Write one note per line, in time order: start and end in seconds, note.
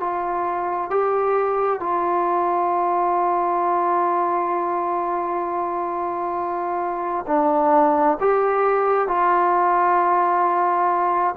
0.00 0.90 F4
0.90 1.80 G4
1.80 7.26 F4
7.27 8.18 D4
8.20 9.08 G4
9.08 11.35 F4